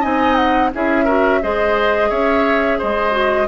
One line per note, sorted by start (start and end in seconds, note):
0.00 0.73 C4
0.00 0.71 D#4
0.00 0.69 D#5
0.00 0.35 G#5
0.35 0.70 F#5
0.73 1.43 C#4
0.73 1.07 E4
0.73 1.04 G#4
0.73 1.43 E5
1.04 1.41 F#4
1.04 1.39 A#4
1.42 2.10 G#3
1.42 3.11 G#4
1.42 2.09 C5
1.42 2.10 D#5
2.09 2.79 C#4
2.09 2.78 C#5
2.09 2.79 E5
2.78 3.47 G#3
2.78 3.47 C5
2.78 3.47 D#5
3.11 3.45 F#4